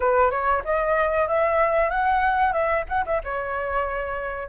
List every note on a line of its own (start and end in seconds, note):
0.00 0.30 B4
0.30 0.62 C#5
0.64 1.28 D#5
1.28 1.90 E5
1.90 2.52 F#5
2.52 2.84 E5
2.88 3.04 F#5
3.05 3.21 E5
3.24 4.48 C#5